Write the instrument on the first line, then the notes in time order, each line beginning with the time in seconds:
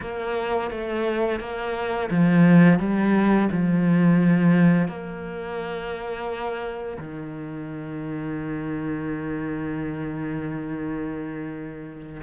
cello
0.00 A#3
0.70 A3
1.40 A#3
2.10 F3
2.79 G3
3.51 F3
4.88 A#3
6.98 D#3